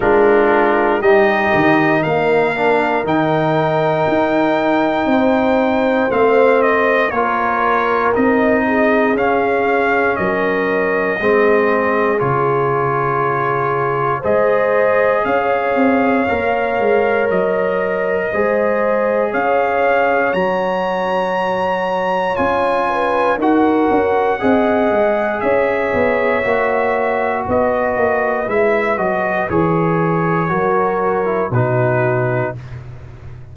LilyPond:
<<
  \new Staff \with { instrumentName = "trumpet" } { \time 4/4 \tempo 4 = 59 ais'4 dis''4 f''4 g''4~ | g''2 f''8 dis''8 cis''4 | dis''4 f''4 dis''2 | cis''2 dis''4 f''4~ |
f''4 dis''2 f''4 | ais''2 gis''4 fis''4~ | fis''4 e''2 dis''4 | e''8 dis''8 cis''2 b'4 | }
  \new Staff \with { instrumentName = "horn" } { \time 4/4 f'4 g'4 ais'2~ | ais'4 c''2 ais'4~ | ais'8 gis'4. ais'4 gis'4~ | gis'2 c''4 cis''4~ |
cis''2 c''4 cis''4~ | cis''2~ cis''8 b'8 ais'4 | dis''4 cis''2 b'4~ | b'2 ais'4 fis'4 | }
  \new Staff \with { instrumentName = "trombone" } { \time 4/4 d'4 dis'4. d'8 dis'4~ | dis'2 c'4 f'4 | dis'4 cis'2 c'4 | f'2 gis'2 |
ais'2 gis'2 | fis'2 f'4 fis'4 | gis'2 fis'2 | e'8 fis'8 gis'4 fis'8. e'16 dis'4 | }
  \new Staff \with { instrumentName = "tuba" } { \time 4/4 gis4 g8 dis8 ais4 dis4 | dis'4 c'4 a4 ais4 | c'4 cis'4 fis4 gis4 | cis2 gis4 cis'8 c'8 |
ais8 gis8 fis4 gis4 cis'4 | fis2 cis'4 dis'8 cis'8 | c'8 gis8 cis'8 b8 ais4 b8 ais8 | gis8 fis8 e4 fis4 b,4 | }
>>